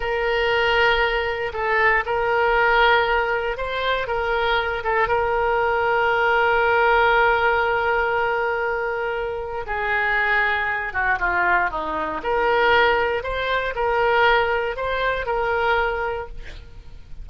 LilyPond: \new Staff \with { instrumentName = "oboe" } { \time 4/4 \tempo 4 = 118 ais'2. a'4 | ais'2. c''4 | ais'4. a'8 ais'2~ | ais'1~ |
ais'2. gis'4~ | gis'4. fis'8 f'4 dis'4 | ais'2 c''4 ais'4~ | ais'4 c''4 ais'2 | }